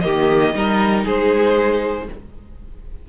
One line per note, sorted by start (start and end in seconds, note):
0.00 0.54 D#3
0.00 0.53 A#3
0.00 0.55 G4
0.00 1.02 D#5
0.53 1.05 G3
0.53 2.06 D#4
0.53 1.04 A#4
1.04 2.08 G#3
1.04 2.06 G#4
1.04 2.09 C5